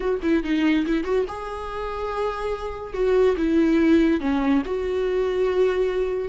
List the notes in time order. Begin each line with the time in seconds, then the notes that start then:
0.00 F#4
0.22 E4
0.43 D#4
0.86 E4
1.04 F#4
1.28 G#4
2.93 F#4
3.37 E4
4.20 C#4
4.65 F#4